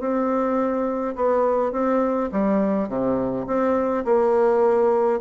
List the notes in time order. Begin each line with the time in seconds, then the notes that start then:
0.00 C4
1.16 B3
1.72 C4
2.32 G3
2.88 C3
3.47 C4
4.05 A#3